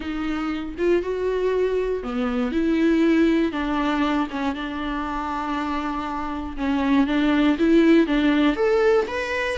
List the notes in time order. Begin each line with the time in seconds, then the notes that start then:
0.00 D#4
0.77 F4
1.02 F#4
2.03 B3
2.51 E4
3.52 D4
4.30 C#4
4.54 D4
6.56 C#4
7.06 D4
7.58 E4
8.06 D4
8.56 A4
9.07 B4